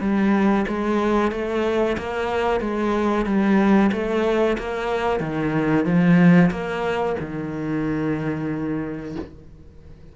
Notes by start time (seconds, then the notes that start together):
0.00 G3
0.67 G#3
1.31 A3
1.97 A#3
2.60 G#3
3.25 G3
3.92 A3
4.58 A#3
5.20 D#3
5.85 F3
6.51 A#3
7.19 D#3